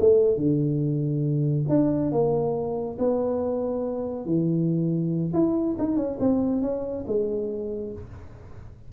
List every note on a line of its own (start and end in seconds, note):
0.00 0.37 A3
0.37 1.65 D3
1.69 2.12 D4
2.12 2.97 A#3
2.98 4.26 B3
4.26 5.33 E3
5.34 5.76 E4
5.79 5.97 D#4
5.97 6.18 C#4
6.20 6.62 C4
6.62 7.05 C#4
7.07 7.93 G#3